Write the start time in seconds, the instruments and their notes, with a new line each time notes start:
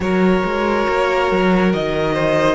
0.00 cello F#3, viola F#4, violin A#4 C#5
0.44 cello G#3
0.88 cello A#3
1.31 cello F#3
1.73 cello D#3, violin D#5
2.13 violin C5